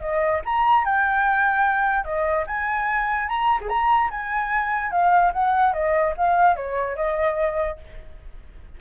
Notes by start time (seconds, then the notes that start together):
0.00 D#5
0.45 A#5
0.85 G5
2.04 D#5
2.47 G#5
3.28 A#5
3.60 G#4
3.69 A#5
4.10 G#5
4.91 F5
5.33 F#5
5.73 D#5
6.17 F5
6.56 C#5
6.96 D#5